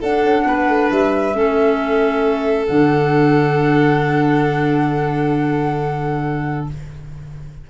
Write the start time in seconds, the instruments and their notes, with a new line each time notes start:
0.00 tuba D4, clarinet D4, violin A4, flute F#5
0.24 tuba C#4
0.47 tuba B3, violin B4
0.68 tuba A3
0.90 tuba G3, flute E5
1.33 tuba A3, clarinet C#4, violin A4
2.67 tuba D3, clarinet D4, flute F#5